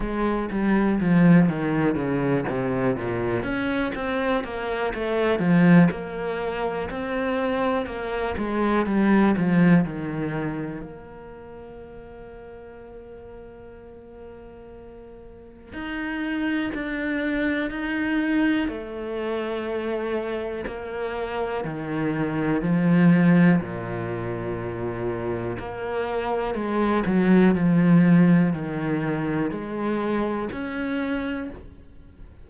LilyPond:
\new Staff \with { instrumentName = "cello" } { \time 4/4 \tempo 4 = 61 gis8 g8 f8 dis8 cis8 c8 ais,8 cis'8 | c'8 ais8 a8 f8 ais4 c'4 | ais8 gis8 g8 f8 dis4 ais4~ | ais1 |
dis'4 d'4 dis'4 a4~ | a4 ais4 dis4 f4 | ais,2 ais4 gis8 fis8 | f4 dis4 gis4 cis'4 | }